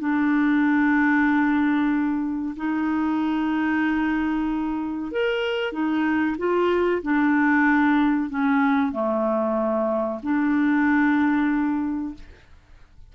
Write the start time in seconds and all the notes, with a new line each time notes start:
0.00 D4
2.57 D#4
5.12 A#4
5.72 D#4
6.38 F4
7.02 D4
8.30 C#4
8.92 A3
10.23 D4